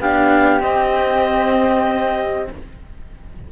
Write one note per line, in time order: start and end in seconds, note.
0.00 0.62 B3
0.00 0.61 D4
0.00 2.51 G4
0.00 0.61 F5
0.61 2.48 C4
0.61 2.52 C4
0.61 2.49 D#5